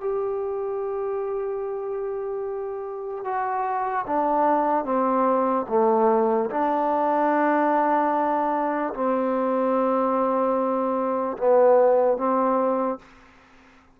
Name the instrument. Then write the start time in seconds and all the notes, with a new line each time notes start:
trombone
0.00 G4
3.24 F#4
4.06 D4
4.84 C4
5.68 A3
6.50 D4
8.94 C4
11.37 B3
12.17 C4